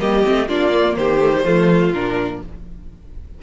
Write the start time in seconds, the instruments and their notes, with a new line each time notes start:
0.00 cello G3, viola A#3, violin G4 D#5
0.24 cello A3, viola C4
0.48 cello A#3, viola D4, violin F4 D5
0.72 viola A#3
0.96 cello D#3, violin G4 C5
1.20 viola A3
1.35 viola G3
1.44 cello F3, viola A3, violin F4
1.91 cello A#2, viola D4, violin A#4